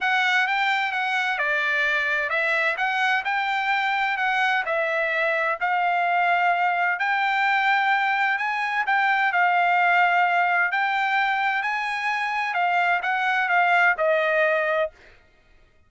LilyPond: \new Staff \with { instrumentName = "trumpet" } { \time 4/4 \tempo 4 = 129 fis''4 g''4 fis''4 d''4~ | d''4 e''4 fis''4 g''4~ | g''4 fis''4 e''2 | f''2. g''4~ |
g''2 gis''4 g''4 | f''2. g''4~ | g''4 gis''2 f''4 | fis''4 f''4 dis''2 | }